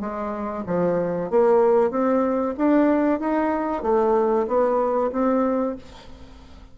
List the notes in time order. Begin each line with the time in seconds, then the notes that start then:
0.00 G#3
0.66 F3
1.30 A#3
1.91 C4
2.57 D4
3.20 D#4
3.83 A3
4.47 B3
5.12 C4